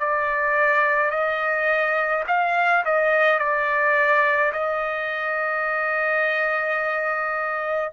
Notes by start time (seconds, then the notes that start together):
0.00 D5
1.11 D#5
2.27 F5
2.85 D#5
3.39 D5
4.53 D#5